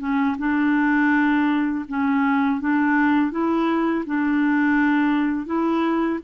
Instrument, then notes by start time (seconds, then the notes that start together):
clarinet
0.00 C#4
0.39 D4
1.89 C#4
2.61 D4
3.32 E4
4.06 D4
5.46 E4